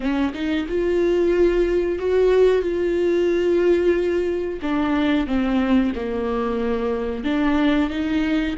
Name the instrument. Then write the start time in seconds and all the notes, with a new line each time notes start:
viola
0.00 C#4
0.34 D#4
0.68 F4
1.98 F#4
2.62 F4
4.62 D4
5.27 C4
5.95 A#3
7.23 D4
7.89 D#4